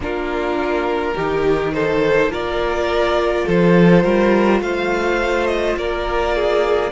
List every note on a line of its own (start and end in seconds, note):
0.00 1.14 A#3
0.00 1.16 D4
0.00 1.14 F4
0.00 1.73 A#4
1.14 2.28 D#3
1.14 2.30 D#4
1.14 1.72 G4
1.73 2.31 A4
1.73 2.31 C5
2.28 3.44 A#3
2.28 6.91 F4
2.28 3.45 A#4
2.28 3.48 D5
3.45 4.04 F3
3.45 4.03 A4
3.45 4.62 C5
4.03 4.60 G3
4.03 4.60 A#4
4.60 5.76 A3
4.60 5.77 C5
4.60 5.46 F5
5.46 5.75 D#5
5.76 6.91 A#3
5.76 6.35 A#4
5.76 6.91 D5
6.35 6.91 G#4